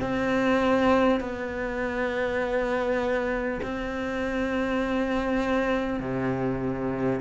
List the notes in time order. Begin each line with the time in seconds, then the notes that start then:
0.00 C4
1.20 B3
3.62 C4
5.99 C3